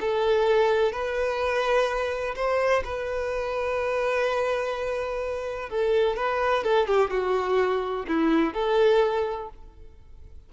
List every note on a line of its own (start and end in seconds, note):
0.00 0.92 A4
0.92 2.35 B4
2.35 2.83 C5
2.84 5.69 B4
5.69 6.16 A4
6.16 6.63 B4
6.63 6.87 A4
6.87 7.10 G4
7.10 8.05 F#4
8.07 8.53 E4
8.53 9.49 A4